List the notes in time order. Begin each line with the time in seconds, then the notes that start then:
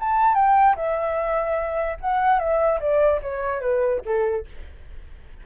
0.00 A5
0.35 G5
0.76 E5
2.01 F#5
2.39 E5
2.80 D5
3.22 C#5
3.61 B4
4.05 A4